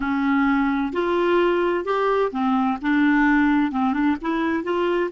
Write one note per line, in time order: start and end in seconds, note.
0.00 0.92 C#4
0.92 1.84 F4
1.84 2.31 G4
2.31 2.78 C4
2.81 3.71 D4
3.71 3.93 C4
3.93 4.16 D4
4.21 4.63 E4
4.63 5.10 F4